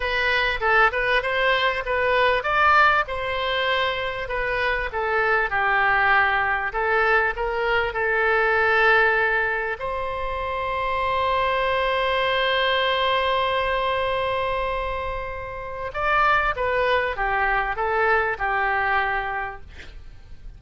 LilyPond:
\new Staff \with { instrumentName = "oboe" } { \time 4/4 \tempo 4 = 98 b'4 a'8 b'8 c''4 b'4 | d''4 c''2 b'4 | a'4 g'2 a'4 | ais'4 a'2. |
c''1~ | c''1~ | c''2 d''4 b'4 | g'4 a'4 g'2 | }